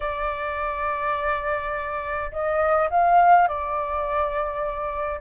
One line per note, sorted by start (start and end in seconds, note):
0.00 2.31 D5
2.31 2.89 D#5
2.90 3.47 F5
3.47 5.21 D5